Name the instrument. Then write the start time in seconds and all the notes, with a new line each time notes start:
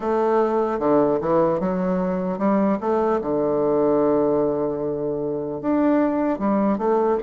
bassoon
0.00 A3
0.79 D3
1.20 E3
1.60 F#3
2.38 G3
2.80 A3
3.21 D3
5.61 D4
6.39 G3
6.78 A3